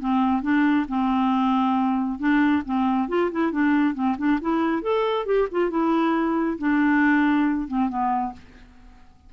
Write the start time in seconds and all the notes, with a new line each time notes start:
0.00 C4
0.43 D4
0.88 C4
2.19 D4
2.66 C4
3.09 F4
3.32 E4
3.52 D4
3.95 C4
4.18 D4
4.41 E4
4.83 A4
5.26 G4
5.52 F4
5.70 E4
6.59 D4
7.68 C4
7.89 B3